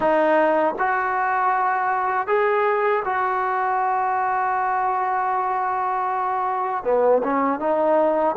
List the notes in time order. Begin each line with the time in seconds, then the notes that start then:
0.00 D#4
0.78 F#4
2.27 G#4
3.04 F#4
6.84 B3
7.23 C#4
7.59 D#4